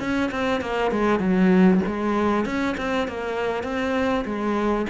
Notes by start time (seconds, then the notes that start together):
0.00 C#4
0.32 C4
0.61 A#3
0.92 G#3
1.20 F#3
1.87 G#3
2.45 C#4
2.78 C4
3.08 A#3
3.63 C4
4.26 G#3